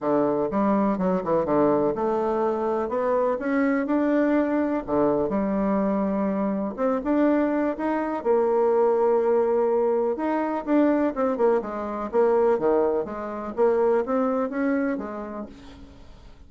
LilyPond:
\new Staff \with { instrumentName = "bassoon" } { \time 4/4 \tempo 4 = 124 d4 g4 fis8 e8 d4 | a2 b4 cis'4 | d'2 d4 g4~ | g2 c'8 d'4. |
dis'4 ais2.~ | ais4 dis'4 d'4 c'8 ais8 | gis4 ais4 dis4 gis4 | ais4 c'4 cis'4 gis4 | }